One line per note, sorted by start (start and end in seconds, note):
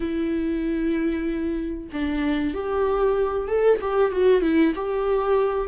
0.00 1.89 E4
1.93 2.53 D4
2.53 3.47 G4
3.47 3.79 A4
3.81 4.11 G4
4.11 4.41 F#4
4.41 4.73 E4
4.75 5.67 G4